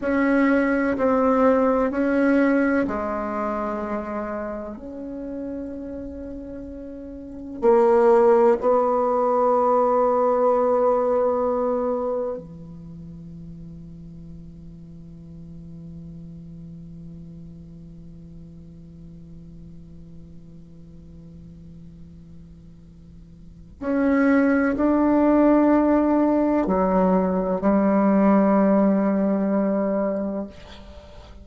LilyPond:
\new Staff \with { instrumentName = "bassoon" } { \time 4/4 \tempo 4 = 63 cis'4 c'4 cis'4 gis4~ | gis4 cis'2. | ais4 b2.~ | b4 e2.~ |
e1~ | e1~ | e4 cis'4 d'2 | fis4 g2. | }